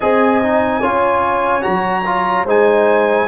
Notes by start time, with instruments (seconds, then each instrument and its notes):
0.00 tuba C4, trombone G#4, horn D#5, trumpet G#5
0.42 trombone D#4
0.79 tuba C#4, trombone F4, horn C#5
1.61 tuba F#3, trombone F#4, trumpet A#5
2.05 trombone F4
2.44 tuba G#3, trombone D#4, horn C5, trumpet G#5